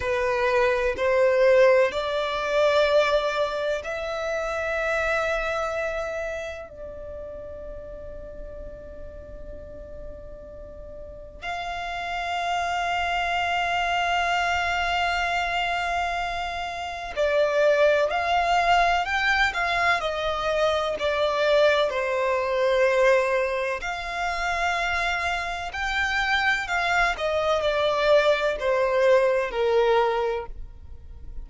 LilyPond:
\new Staff \with { instrumentName = "violin" } { \time 4/4 \tempo 4 = 63 b'4 c''4 d''2 | e''2. d''4~ | d''1 | f''1~ |
f''2 d''4 f''4 | g''8 f''8 dis''4 d''4 c''4~ | c''4 f''2 g''4 | f''8 dis''8 d''4 c''4 ais'4 | }